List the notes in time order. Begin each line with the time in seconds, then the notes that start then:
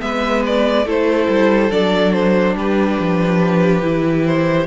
0.00 G#3 B3 B4 E5
0.46 D5
0.85 A3 E4 A4 C5
1.29 G3
1.70 F#3 D4 D5
2.13 C5
2.55 G3 G4 B4
3.00 F3
3.82 E3 E4
4.26 C5